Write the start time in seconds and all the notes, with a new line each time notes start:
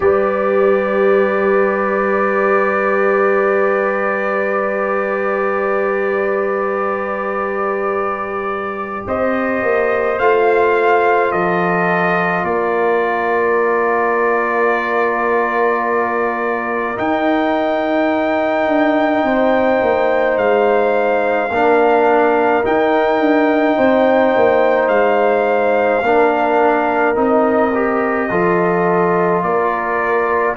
0.00 G3 G4 B4 D5
9.06 C4 C5 D#5
9.62 A#3
10.18 A3 F4 F5
11.31 F3 A4 D#5
12.43 A#3 A#4 D5
16.96 D#4 G5
18.66 D4
19.23 C4 C5
19.81 A#3
20.36 G#3 F5
21.50 A#3 D4 A#4
22.63 D#4 G5
23.19 D4
23.77 C4 C5
24.35 A#3
24.88 G#3 F5
26.02 A#3 D4 A#4
27.15 C4 D#4 D#5
27.74 G4
28.30 F3 F4 A4
29.42 A#3 A#4 D5